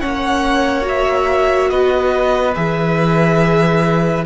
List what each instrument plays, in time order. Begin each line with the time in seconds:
0.00 cello A#3, viola C#4, violin C#5 F#5
0.82 viola F#4
0.88 violin E5
1.69 cello B3, violin B4 D#5
2.54 cello E3, viola G#4, violin E5